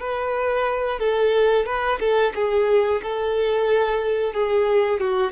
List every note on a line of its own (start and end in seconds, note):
0.00 1.00 B4
1.00 1.66 A4
1.66 1.99 B4
2.00 2.33 A4
2.35 3.02 G#4
3.03 4.34 A4
4.34 5.00 G#4
5.01 5.32 F#4